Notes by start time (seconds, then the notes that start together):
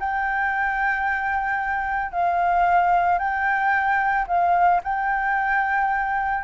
0.00 G5
2.12 F5
3.19 G5
4.28 F5
4.84 G5